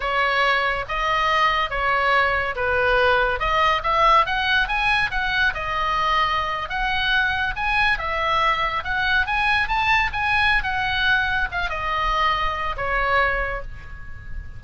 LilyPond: \new Staff \with { instrumentName = "oboe" } { \time 4/4 \tempo 4 = 141 cis''2 dis''2 | cis''2 b'2 | dis''4 e''4 fis''4 gis''4 | fis''4 dis''2~ dis''8. fis''16~ |
fis''4.~ fis''16 gis''4 e''4~ e''16~ | e''8. fis''4 gis''4 a''4 gis''16~ | gis''4 fis''2 f''8 dis''8~ | dis''2 cis''2 | }